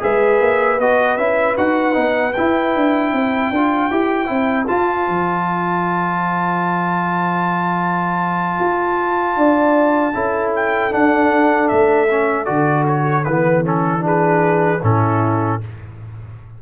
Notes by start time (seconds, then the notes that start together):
0.00 G#3 G#4 B4 E5
0.41 A#3
0.79 B3 F#4 D#5
1.17 C#4 E4 E5
1.58 D#4 F#4 F#5
1.93 B3 D#4
2.33 E4 G5
2.75 D4
3.13 C4 C5
3.51 D4 F4
3.91 E4 G4
4.27 C4 E4
4.68 F4 A5
5.08 F3
8.60 F4
9.37 D4 D5
10.15 C#4 E4 A4
10.56 G5
10.92 D4 F#5
11.69 A3 E5
12.11 C#4
12.45 D3 F#4 D5
12.88 C#5
13.25 E3 B3 B4
13.64 C#4 A4
14.01 D4 G#4
14.07 B4
14.82 A2 C#4 E4 A4